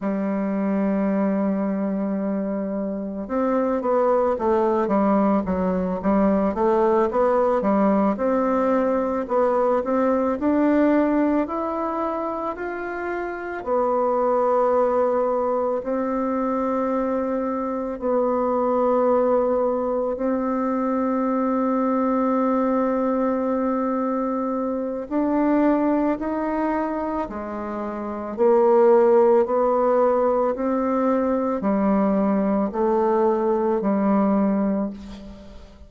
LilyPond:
\new Staff \with { instrumentName = "bassoon" } { \time 4/4 \tempo 4 = 55 g2. c'8 b8 | a8 g8 fis8 g8 a8 b8 g8 c'8~ | c'8 b8 c'8 d'4 e'4 f'8~ | f'8 b2 c'4.~ |
c'8 b2 c'4.~ | c'2. d'4 | dis'4 gis4 ais4 b4 | c'4 g4 a4 g4 | }